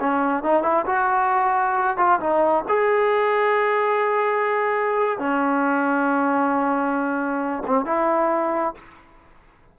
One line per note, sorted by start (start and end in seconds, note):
0.00 0.43 C#4
0.43 0.63 D#4
0.63 0.85 E4
0.86 1.97 F#4
1.97 2.20 F4
2.20 2.64 D#4
2.68 5.19 G#4
5.19 7.63 C#4
7.67 7.85 C4
7.85 8.74 E4